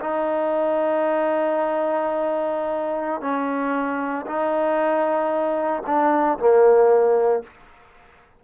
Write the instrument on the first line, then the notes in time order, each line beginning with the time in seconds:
trombone
0.00 D#4
3.21 C#4
4.26 D#4
5.86 D4
6.39 A#3